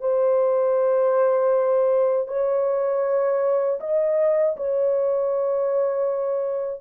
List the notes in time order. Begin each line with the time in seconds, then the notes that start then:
0.00 C5
2.28 C#5
3.80 D#5
4.56 C#5